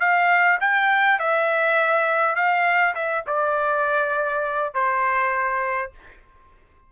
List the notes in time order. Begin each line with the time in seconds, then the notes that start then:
0.00 F5
0.60 G5
1.19 E5
2.36 F5
2.95 E5
3.27 D5
4.74 C5